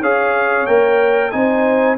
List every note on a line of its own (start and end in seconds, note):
0.00 0.66 C#4
0.00 0.67 G#4
0.00 1.30 C#5
0.00 0.66 F5
0.66 1.32 A#3
0.66 1.32 A#4
0.66 1.31 G5
1.31 1.97 C4
1.31 1.97 D#4
1.31 1.97 C5
1.31 1.96 G#5